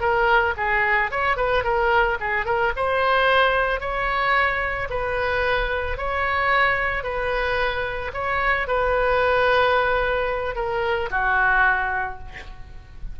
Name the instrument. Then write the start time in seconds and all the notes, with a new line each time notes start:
oboe
0.00 A#4
0.57 G#4
1.11 C#5
1.36 B4
1.63 A#4
2.20 G#4
2.45 A#4
2.76 C5
3.80 C#5
4.89 B4
5.97 C#5
7.03 B4
8.13 C#5
8.67 B4
10.55 A#4
11.10 F#4